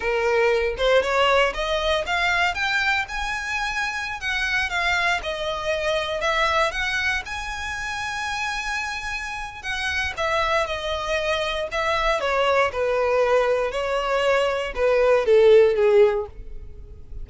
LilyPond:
\new Staff \with { instrumentName = "violin" } { \time 4/4 \tempo 4 = 118 ais'4. c''8 cis''4 dis''4 | f''4 g''4 gis''2~ | gis''16 fis''4 f''4 dis''4.~ dis''16~ | dis''16 e''4 fis''4 gis''4.~ gis''16~ |
gis''2. fis''4 | e''4 dis''2 e''4 | cis''4 b'2 cis''4~ | cis''4 b'4 a'4 gis'4 | }